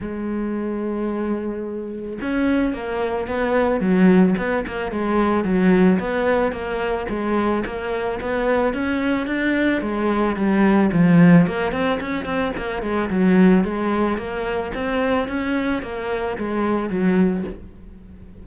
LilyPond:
\new Staff \with { instrumentName = "cello" } { \time 4/4 \tempo 4 = 110 gis1 | cis'4 ais4 b4 fis4 | b8 ais8 gis4 fis4 b4 | ais4 gis4 ais4 b4 |
cis'4 d'4 gis4 g4 | f4 ais8 c'8 cis'8 c'8 ais8 gis8 | fis4 gis4 ais4 c'4 | cis'4 ais4 gis4 fis4 | }